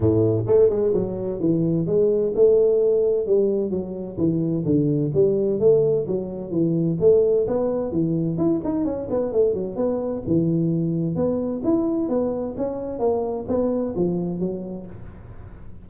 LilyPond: \new Staff \with { instrumentName = "tuba" } { \time 4/4 \tempo 4 = 129 a,4 a8 gis8 fis4 e4 | gis4 a2 g4 | fis4 e4 d4 g4 | a4 fis4 e4 a4 |
b4 e4 e'8 dis'8 cis'8 b8 | a8 fis8 b4 e2 | b4 e'4 b4 cis'4 | ais4 b4 f4 fis4 | }